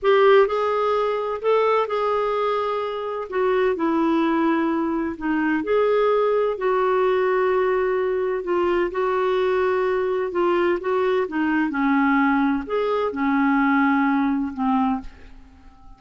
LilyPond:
\new Staff \with { instrumentName = "clarinet" } { \time 4/4 \tempo 4 = 128 g'4 gis'2 a'4 | gis'2. fis'4 | e'2. dis'4 | gis'2 fis'2~ |
fis'2 f'4 fis'4~ | fis'2 f'4 fis'4 | dis'4 cis'2 gis'4 | cis'2. c'4 | }